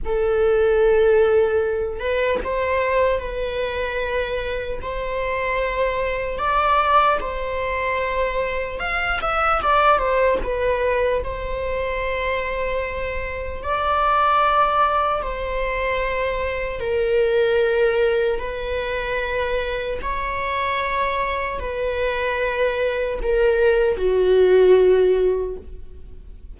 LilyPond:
\new Staff \with { instrumentName = "viola" } { \time 4/4 \tempo 4 = 75 a'2~ a'8 b'8 c''4 | b'2 c''2 | d''4 c''2 f''8 e''8 | d''8 c''8 b'4 c''2~ |
c''4 d''2 c''4~ | c''4 ais'2 b'4~ | b'4 cis''2 b'4~ | b'4 ais'4 fis'2 | }